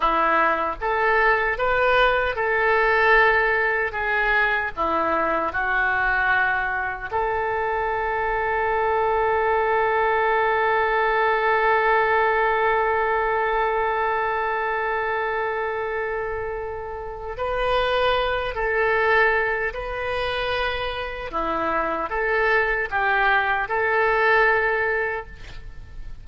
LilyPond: \new Staff \with { instrumentName = "oboe" } { \time 4/4 \tempo 4 = 76 e'4 a'4 b'4 a'4~ | a'4 gis'4 e'4 fis'4~ | fis'4 a'2.~ | a'1~ |
a'1~ | a'2 b'4. a'8~ | a'4 b'2 e'4 | a'4 g'4 a'2 | }